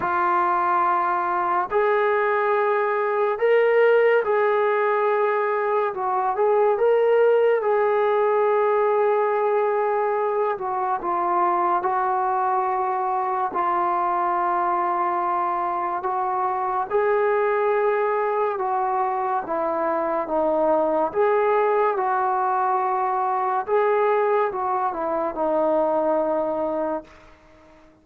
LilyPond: \new Staff \with { instrumentName = "trombone" } { \time 4/4 \tempo 4 = 71 f'2 gis'2 | ais'4 gis'2 fis'8 gis'8 | ais'4 gis'2.~ | gis'8 fis'8 f'4 fis'2 |
f'2. fis'4 | gis'2 fis'4 e'4 | dis'4 gis'4 fis'2 | gis'4 fis'8 e'8 dis'2 | }